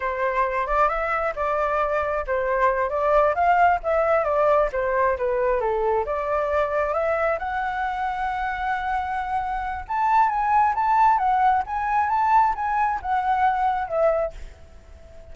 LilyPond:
\new Staff \with { instrumentName = "flute" } { \time 4/4 \tempo 4 = 134 c''4. d''8 e''4 d''4~ | d''4 c''4. d''4 f''8~ | f''8 e''4 d''4 c''4 b'8~ | b'8 a'4 d''2 e''8~ |
e''8 fis''2.~ fis''8~ | fis''2 a''4 gis''4 | a''4 fis''4 gis''4 a''4 | gis''4 fis''2 e''4 | }